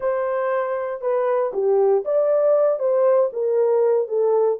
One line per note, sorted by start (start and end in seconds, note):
0.00 1.01 C5
1.01 1.51 B4
1.53 2.04 G4
2.05 2.79 D5
2.79 3.30 C5
3.32 4.08 A#4
4.08 4.59 A4